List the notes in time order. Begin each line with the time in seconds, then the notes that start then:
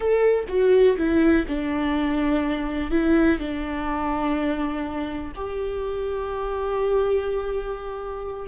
0.00 A4
0.48 F#4
0.97 E4
1.47 D4
2.90 E4
3.39 D4
5.35 G4